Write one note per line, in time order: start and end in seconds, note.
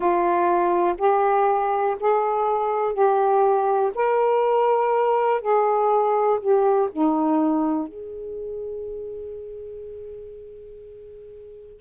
0.00 0.95 F4
0.97 1.96 G4
2.00 2.93 G#4
2.93 3.91 G4
3.94 5.41 A#4
5.41 6.39 G#4
6.40 6.89 G4
6.92 7.88 D#4
7.88 11.80 G#4